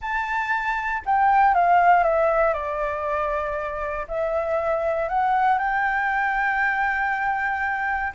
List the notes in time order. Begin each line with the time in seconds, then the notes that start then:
0.01 A5
1.05 G5
1.54 F5
2.03 E5
2.53 D5
4.07 E5
5.08 F#5
5.58 G5